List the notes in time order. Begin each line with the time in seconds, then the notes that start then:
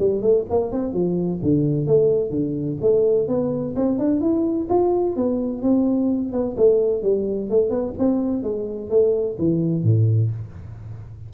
0.00 G3
0.22 A3
0.50 A#3
0.72 C4
0.94 F3
1.43 D3
1.87 A3
2.31 D3
2.82 A3
3.29 B3
3.76 C4
3.99 D4
4.21 E4
4.70 F4
5.17 B3
5.63 C4
6.33 B3
6.58 A3
7.03 G3
7.50 A3
7.70 B3
7.99 C4
8.43 G#3
8.90 A3
9.39 E3
9.84 A2